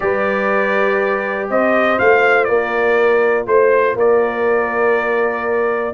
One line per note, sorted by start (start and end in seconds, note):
0.00 1.49 G3
0.00 1.98 G4
0.00 1.50 B4
0.00 1.49 D5
1.49 1.99 C4
1.49 2.48 C5
1.49 1.98 D#5
1.98 2.49 A3
1.98 5.94 F4
1.98 2.44 F5
2.44 3.46 A#3
2.44 3.47 A#4
2.44 3.43 D5
3.46 3.95 A3
3.46 3.96 C5
3.95 5.93 A#3
3.95 5.94 A#4
3.95 5.94 D5